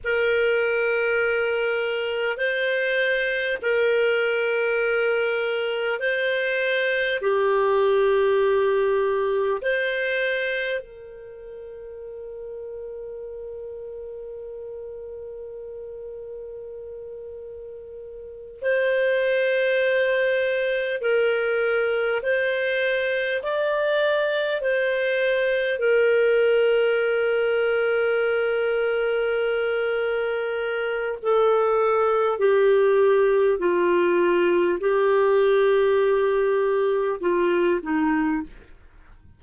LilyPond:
\new Staff \with { instrumentName = "clarinet" } { \time 4/4 \tempo 4 = 50 ais'2 c''4 ais'4~ | ais'4 c''4 g'2 | c''4 ais'2.~ | ais'2.~ ais'8 c''8~ |
c''4. ais'4 c''4 d''8~ | d''8 c''4 ais'2~ ais'8~ | ais'2 a'4 g'4 | f'4 g'2 f'8 dis'8 | }